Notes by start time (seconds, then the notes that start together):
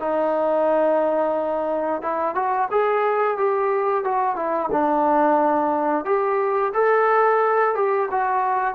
0.00 D#4
2.02 E4
2.35 F#4
2.71 G#4
3.37 G4
4.04 F#4
4.36 E4
4.72 D4
6.05 G4
6.74 A4
7.75 G4
8.11 F#4